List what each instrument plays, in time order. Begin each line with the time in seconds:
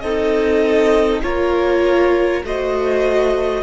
0.00 cello C4, viola D#4, violin A4 D#5
1.22 cello A#3, viola F4, violin A#4 C#5
2.44 cello A3, viola F#4, violin C5 D#5